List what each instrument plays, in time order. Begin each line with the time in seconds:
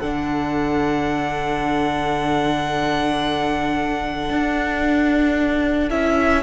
0.00 cello D3, viola D4, violin A4 F#5
4.30 cello D4
5.89 cello C#4, viola E4, violin E5